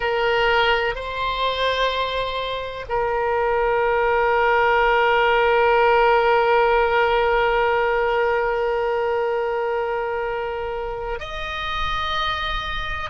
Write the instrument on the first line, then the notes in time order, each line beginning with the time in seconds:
oboe
0.00 A#4
0.95 C5
2.88 A#4
11.19 D#5